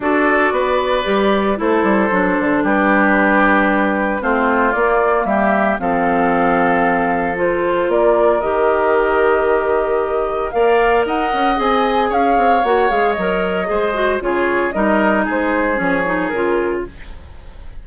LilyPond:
<<
  \new Staff \with { instrumentName = "flute" } { \time 4/4 \tempo 4 = 114 d''2. c''4~ | c''4 b'2. | c''4 d''4 e''4 f''4~ | f''2 c''4 d''4 |
dis''1 | f''4 fis''4 gis''4 f''4 | fis''8 f''8 dis''2 cis''4 | dis''4 c''4 cis''4 ais'4 | }
  \new Staff \with { instrumentName = "oboe" } { \time 4/4 a'4 b'2 a'4~ | a'4 g'2. | f'2 g'4 a'4~ | a'2. ais'4~ |
ais'1 | d''4 dis''2 cis''4~ | cis''2 c''4 gis'4 | ais'4 gis'2. | }
  \new Staff \with { instrumentName = "clarinet" } { \time 4/4 fis'2 g'4 e'4 | d'1 | c'4 ais2 c'4~ | c'2 f'2 |
g'1 | ais'2 gis'2 | fis'8 gis'8 ais'4 gis'8 fis'8 f'4 | dis'2 cis'8 dis'8 f'4 | }
  \new Staff \with { instrumentName = "bassoon" } { \time 4/4 d'4 b4 g4 a8 g8 | fis8 d8 g2. | a4 ais4 g4 f4~ | f2. ais4 |
dis1 | ais4 dis'8 cis'8 c'4 cis'8 c'8 | ais8 gis8 fis4 gis4 cis4 | g4 gis4 f4 cis4 | }
>>